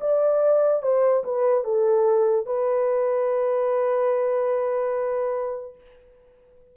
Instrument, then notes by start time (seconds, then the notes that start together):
horn
0.00 D5
0.82 C5
1.24 B4
1.64 A4
2.46 B4